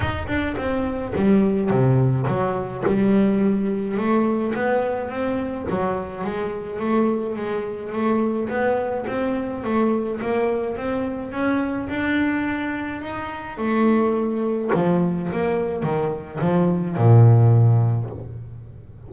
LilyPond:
\new Staff \with { instrumentName = "double bass" } { \time 4/4 \tempo 4 = 106 dis'8 d'8 c'4 g4 c4 | fis4 g2 a4 | b4 c'4 fis4 gis4 | a4 gis4 a4 b4 |
c'4 a4 ais4 c'4 | cis'4 d'2 dis'4 | a2 f4 ais4 | dis4 f4 ais,2 | }